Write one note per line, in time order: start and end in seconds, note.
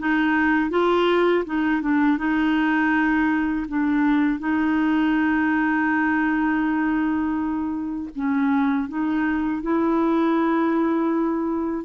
0.00 0.71 D#4
0.71 1.45 F4
1.46 1.82 D#4
1.82 2.19 D4
2.19 3.67 D#4
3.69 4.40 D4
4.40 8.10 D#4
8.16 8.89 C#4
8.89 9.63 D#4
9.63 11.85 E4